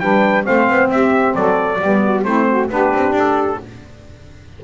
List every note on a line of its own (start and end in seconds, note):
0.00 0.45 G3
0.00 0.44 D4
0.00 0.45 B4
0.00 0.45 G5
0.44 0.69 A3
0.44 1.79 C4
0.44 0.90 C5
0.44 0.91 F5
0.69 0.90 B3
0.90 1.35 C4
0.90 1.36 G4
0.90 1.35 E5
1.35 1.80 F#3
1.35 1.79 A4
1.35 2.24 D5
1.79 2.25 G3
1.79 2.26 B3
1.79 2.02 G4
2.03 2.25 F#4
2.24 2.70 A3
2.24 2.70 C4
2.24 2.47 E4
2.24 2.69 C5
2.49 2.71 F#4
2.70 2.93 B3
2.70 3.60 D4
2.70 3.62 G4
2.70 3.17 B4
2.94 3.12 C4
3.12 3.57 D4
3.20 3.64 A4